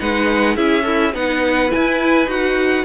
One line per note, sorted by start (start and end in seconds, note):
0.00 0.57 G#3
0.00 0.57 D#4
0.00 0.56 B4
0.00 0.57 F#5
0.56 1.14 C#4
0.56 0.82 E4
0.56 0.85 G#4
0.56 1.14 E5
0.82 1.15 E4
0.82 1.11 A4
1.14 1.71 B3
1.14 1.69 D#4
1.14 2.85 B4
1.14 1.72 F#5
1.69 2.27 E4
1.69 2.29 G#5
1.76 2.27 E4
2.27 2.84 D#4
2.27 2.84 F#4
2.27 2.85 F#5